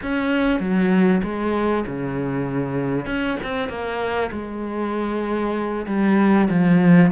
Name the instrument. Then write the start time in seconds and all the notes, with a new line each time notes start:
cello
0.02 C#4
0.59 F#3
1.23 G#3
1.86 C#3
3.06 C#4
3.43 C4
3.68 A#3
4.31 G#3
5.86 G3
6.49 F3